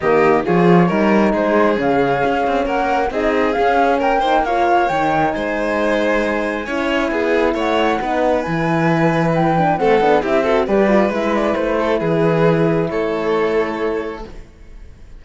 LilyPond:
<<
  \new Staff \with { instrumentName = "flute" } { \time 4/4 \tempo 4 = 135 dis''4 cis''2 c''4 | f''2 fis''4 dis''4 | f''4 g''4 f''4 g''4 | gis''1~ |
gis''4 fis''2 gis''4~ | gis''4 g''4 fis''4 e''4 | d''4 e''8 d''8 c''4 b'4~ | b'4 cis''2. | }
  \new Staff \with { instrumentName = "violin" } { \time 4/4 g'4 gis'4 ais'4 gis'4~ | gis'2 ais'4 gis'4~ | gis'4 ais'8 c''8 cis''2 | c''2. cis''4 |
gis'4 cis''4 b'2~ | b'2 a'4 g'8 a'8 | b'2~ b'8 a'8 gis'4~ | gis'4 a'2. | }
  \new Staff \with { instrumentName = "horn" } { \time 4/4 ais4 f'4 dis'2 | cis'2. dis'4 | cis'4. dis'8 f'4 dis'4~ | dis'2. e'4~ |
e'2 dis'4 e'4~ | e'4. d'8 c'8 d'8 e'8 fis'8 | g'8 f'8 e'2.~ | e'1 | }
  \new Staff \with { instrumentName = "cello" } { \time 4/4 dis4 f4 g4 gis4 | cis4 cis'8 c'8 ais4 c'4 | cis'4 ais2 dis4 | gis2. cis'4 |
b4 a4 b4 e4~ | e2 a8 b8 c'4 | g4 gis4 a4 e4~ | e4 a2. | }
>>